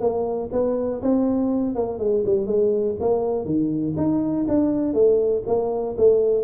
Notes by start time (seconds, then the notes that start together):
0.00 A#3
0.52 B3
1.01 C4
1.75 A#3
1.99 G#3
2.25 G3
2.46 G#3
3.00 A#3
3.45 D#3
3.96 D#4
4.48 D4
4.93 A3
5.46 A#3
5.97 A3